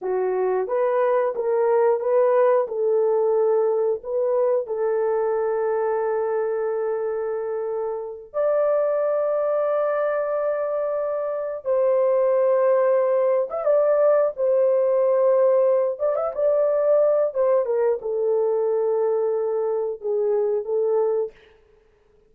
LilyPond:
\new Staff \with { instrumentName = "horn" } { \time 4/4 \tempo 4 = 90 fis'4 b'4 ais'4 b'4 | a'2 b'4 a'4~ | a'1~ | a'8 d''2.~ d''8~ |
d''4. c''2~ c''8~ | c''16 e''16 d''4 c''2~ c''8 | d''16 e''16 d''4. c''8 ais'8 a'4~ | a'2 gis'4 a'4 | }